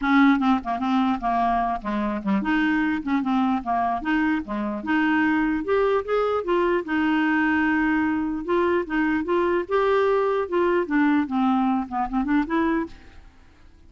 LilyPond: \new Staff \with { instrumentName = "clarinet" } { \time 4/4 \tempo 4 = 149 cis'4 c'8 ais8 c'4 ais4~ | ais8 gis4 g8 dis'4. cis'8 | c'4 ais4 dis'4 gis4 | dis'2 g'4 gis'4 |
f'4 dis'2.~ | dis'4 f'4 dis'4 f'4 | g'2 f'4 d'4 | c'4. b8 c'8 d'8 e'4 | }